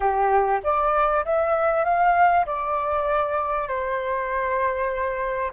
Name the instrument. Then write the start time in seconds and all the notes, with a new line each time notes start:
flute
0.00 G4
0.63 D5
1.25 E5
1.84 F5
2.46 D5
3.67 C5